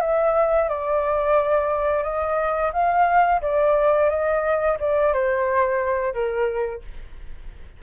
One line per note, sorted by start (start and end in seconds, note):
0.00 0.68 E5
0.68 2.03 D5
2.03 2.71 D#5
2.73 3.41 F5
3.41 4.09 D5
4.09 4.77 D#5
4.79 5.13 D5
5.13 6.13 C5
6.13 6.81 A#4